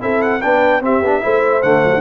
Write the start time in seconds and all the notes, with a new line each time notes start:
0.00 C4 E4 A4 E5
0.21 F#5
0.41 B3 D4 B4 G5
0.80 C4 G4 E5
1.01 B3 D4
1.21 A3 E4 C5
1.62 D3 A3 F#5
1.84 F#3
1.94 D3